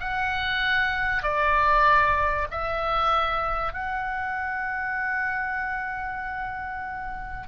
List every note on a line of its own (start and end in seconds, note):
0.00 1.23 F#5
1.23 2.48 D5
2.51 3.73 E5
3.73 7.48 F#5